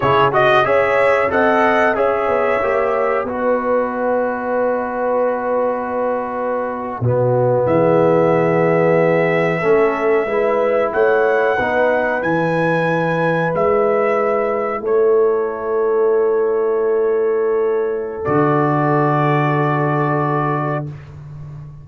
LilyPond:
<<
  \new Staff \with { instrumentName = "trumpet" } { \time 4/4 \tempo 4 = 92 cis''8 dis''8 e''4 fis''4 e''4~ | e''4 dis''2.~ | dis''2.~ dis''8. e''16~ | e''1~ |
e''8. fis''2 gis''4~ gis''16~ | gis''8. e''2 cis''4~ cis''16~ | cis''1 | d''1 | }
  \new Staff \with { instrumentName = "horn" } { \time 4/4 gis'8 fis'8 cis''4 dis''4 cis''4~ | cis''4 b'2.~ | b'2~ b'8. fis'4 gis'16~ | gis'2~ gis'8. a'4 b'16~ |
b'8. cis''4 b'2~ b'16~ | b'2~ b'8. a'4~ a'16~ | a'1~ | a'1 | }
  \new Staff \with { instrumentName = "trombone" } { \time 4/4 e'8 fis'8 gis'4 a'4 gis'4 | g'4 fis'2.~ | fis'2~ fis'8. b4~ b16~ | b2~ b8. cis'4 e'16~ |
e'4.~ e'16 dis'4 e'4~ e'16~ | e'1~ | e'1 | fis'1 | }
  \new Staff \with { instrumentName = "tuba" } { \time 4/4 cis4 cis'4 c'4 cis'8 b8 | ais4 b2.~ | b2~ b8. b,4 e16~ | e2~ e8. a4 gis16~ |
gis8. a4 b4 e4~ e16~ | e8. gis2 a4~ a16~ | a1 | d1 | }
>>